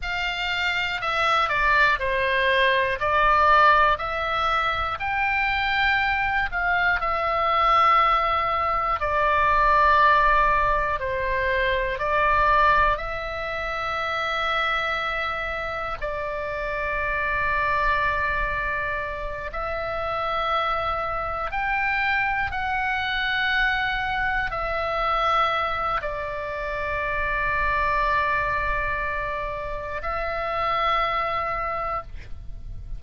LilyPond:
\new Staff \with { instrumentName = "oboe" } { \time 4/4 \tempo 4 = 60 f''4 e''8 d''8 c''4 d''4 | e''4 g''4. f''8 e''4~ | e''4 d''2 c''4 | d''4 e''2. |
d''2.~ d''8 e''8~ | e''4. g''4 fis''4.~ | fis''8 e''4. d''2~ | d''2 e''2 | }